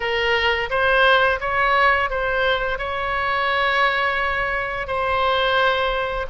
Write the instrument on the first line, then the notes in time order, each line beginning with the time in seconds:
oboe
0.00 A#4
0.70 C5
1.40 C#5
2.10 C5
2.78 C#5
4.87 C5